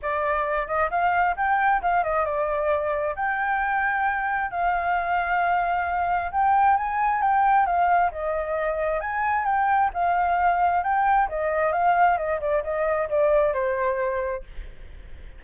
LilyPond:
\new Staff \with { instrumentName = "flute" } { \time 4/4 \tempo 4 = 133 d''4. dis''8 f''4 g''4 | f''8 dis''8 d''2 g''4~ | g''2 f''2~ | f''2 g''4 gis''4 |
g''4 f''4 dis''2 | gis''4 g''4 f''2 | g''4 dis''4 f''4 dis''8 d''8 | dis''4 d''4 c''2 | }